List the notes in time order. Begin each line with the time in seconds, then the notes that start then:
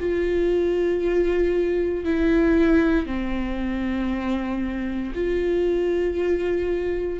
0.00 F4
2.05 E4
3.06 C4
5.14 F4